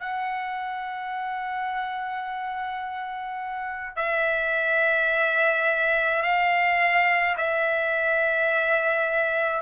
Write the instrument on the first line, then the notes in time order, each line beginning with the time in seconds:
trumpet
0.00 F#5
3.96 E5
6.22 F5
7.37 E5